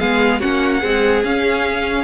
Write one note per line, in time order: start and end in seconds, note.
0.00 0.42 G#3
0.00 0.41 B3
0.00 0.40 G#4
0.00 0.41 F5
0.40 0.83 A#3
0.40 0.82 C#4
0.40 0.80 F#4
0.40 1.24 F#5
0.80 1.25 G#3
0.80 1.24 C4
0.80 2.04 G#4
1.24 2.04 C#4
1.24 2.04 F5